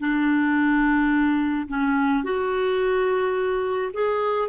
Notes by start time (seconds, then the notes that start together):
0.00 D4
1.68 C#4
2.24 F#4
3.94 G#4